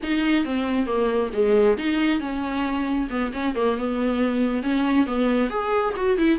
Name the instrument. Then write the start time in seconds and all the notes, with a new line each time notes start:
viola
0.02 D#4
0.44 C4
0.86 A#3
1.33 G#3
1.77 D#4
2.19 C#4
3.09 B3
3.33 C#4
3.55 A#3
3.77 B3
4.62 C#4
5.06 B3
5.49 G#4
5.96 F#4
6.17 E4